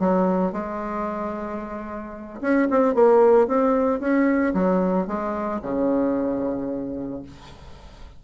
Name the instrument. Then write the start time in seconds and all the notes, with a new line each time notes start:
bassoon
0.00 F#3
0.53 G#3
2.42 C#4
2.71 C4
2.95 A#3
3.48 C4
4.01 C#4
4.54 F#3
5.08 G#3
5.62 C#3